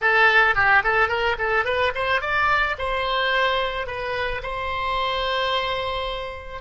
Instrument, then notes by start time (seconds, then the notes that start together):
oboe
0.01 A4
0.55 G4
0.83 A4
1.08 A#4
1.38 A4
1.65 B4
1.94 C5
2.21 D5
2.78 C5
3.86 B4
4.42 C5